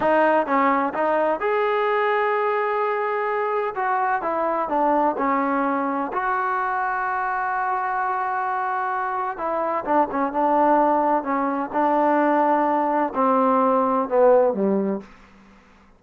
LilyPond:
\new Staff \with { instrumentName = "trombone" } { \time 4/4 \tempo 4 = 128 dis'4 cis'4 dis'4 gis'4~ | gis'1 | fis'4 e'4 d'4 cis'4~ | cis'4 fis'2.~ |
fis'1 | e'4 d'8 cis'8 d'2 | cis'4 d'2. | c'2 b4 g4 | }